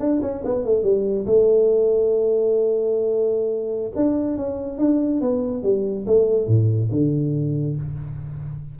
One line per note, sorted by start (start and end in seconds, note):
0.00 0.21 D4
0.22 0.43 C#4
0.44 0.65 B3
0.65 0.83 A3
0.83 1.26 G3
1.26 3.92 A3
3.96 4.37 D4
4.37 4.78 C#4
4.78 5.21 D4
5.21 5.63 B3
5.63 6.06 G3
6.07 6.47 A3
6.47 6.90 A2
6.91 7.77 D3